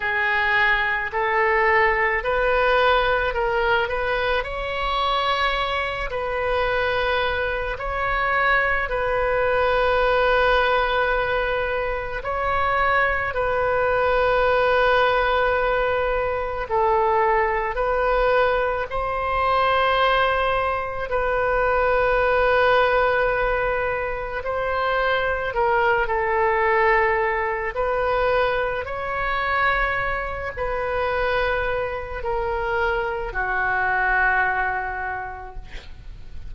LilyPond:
\new Staff \with { instrumentName = "oboe" } { \time 4/4 \tempo 4 = 54 gis'4 a'4 b'4 ais'8 b'8 | cis''4. b'4. cis''4 | b'2. cis''4 | b'2. a'4 |
b'4 c''2 b'4~ | b'2 c''4 ais'8 a'8~ | a'4 b'4 cis''4. b'8~ | b'4 ais'4 fis'2 | }